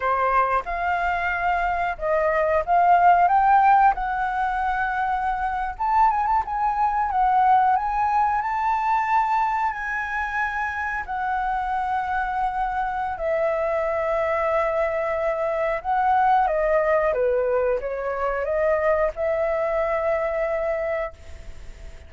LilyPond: \new Staff \with { instrumentName = "flute" } { \time 4/4 \tempo 4 = 91 c''4 f''2 dis''4 | f''4 g''4 fis''2~ | fis''8. a''8 gis''16 a''16 gis''4 fis''4 gis''16~ | gis''8. a''2 gis''4~ gis''16~ |
gis''8. fis''2.~ fis''16 | e''1 | fis''4 dis''4 b'4 cis''4 | dis''4 e''2. | }